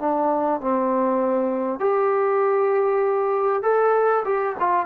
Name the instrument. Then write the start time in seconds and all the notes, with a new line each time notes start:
trombone
0.00 D4
0.62 C4
1.80 G4
3.63 A4
4.26 G4
4.60 F4